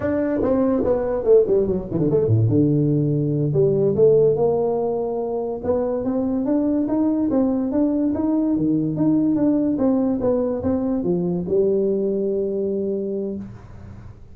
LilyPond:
\new Staff \with { instrumentName = "tuba" } { \time 4/4 \tempo 4 = 144 d'4 c'4 b4 a8 g8 | fis8 e16 d16 a8 a,8 d2~ | d8 g4 a4 ais4.~ | ais4. b4 c'4 d'8~ |
d'8 dis'4 c'4 d'4 dis'8~ | dis'8 dis4 dis'4 d'4 c'8~ | c'8 b4 c'4 f4 g8~ | g1 | }